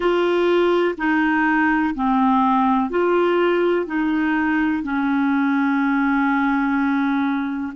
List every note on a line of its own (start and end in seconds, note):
0.00 0.95 F4
0.97 1.94 D#4
1.94 2.89 C4
2.89 3.86 F4
3.86 4.83 D#4
4.83 7.73 C#4